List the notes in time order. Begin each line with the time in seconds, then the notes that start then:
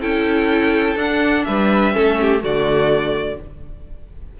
0.00 C#4 E4 A4 G5
0.96 D4 F#5
1.44 G3 B4 E5
1.93 A3 C#4 A4
2.21 G4
2.39 D3 A3 F#4 D5